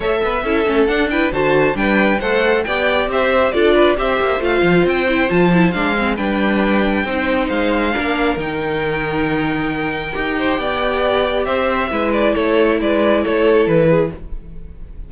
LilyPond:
<<
  \new Staff \with { instrumentName = "violin" } { \time 4/4 \tempo 4 = 136 e''2 fis''8 g''8 a''4 | g''4 fis''4 g''4 e''4 | d''4 e''4 f''4 g''4 | a''4 f''4 g''2~ |
g''4 f''2 g''4~ | g''1~ | g''2 e''4. d''8 | cis''4 d''4 cis''4 b'4 | }
  \new Staff \with { instrumentName = "violin" } { \time 4/4 cis''8 b'8 a'4. b'8 c''4 | b'4 c''4 d''4 c''4 | a'8 b'8 c''2.~ | c''2 b'2 |
c''2 ais'2~ | ais'2.~ ais'8 c''8 | d''2 c''4 b'4 | a'4 b'4 a'4. gis'8 | }
  \new Staff \with { instrumentName = "viola" } { \time 4/4 a'4 e'8 cis'8 d'8 e'8 fis'4 | d'4 a'4 g'2 | f'4 g'4 f'4. e'8 | f'8 e'8 d'8 c'8 d'2 |
dis'2 d'4 dis'4~ | dis'2. g'4~ | g'2. e'4~ | e'1 | }
  \new Staff \with { instrumentName = "cello" } { \time 4/4 a8 b8 cis'8 a8 d'4 d4 | g4 a4 b4 c'4 | d'4 c'8 ais8 a8 f8 c'4 | f4 gis4 g2 |
c'4 gis4 ais4 dis4~ | dis2. dis'4 | b2 c'4 gis4 | a4 gis4 a4 e4 | }
>>